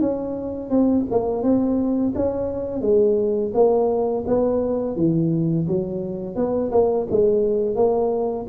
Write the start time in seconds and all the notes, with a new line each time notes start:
0.00 C#4
0.70 C4
1.11 A#3
1.43 C4
2.15 C#4
2.81 G#3
3.54 A#3
4.27 B3
4.96 E3
5.67 F#3
6.35 B3
6.71 A#3
7.10 G#3
7.76 A#3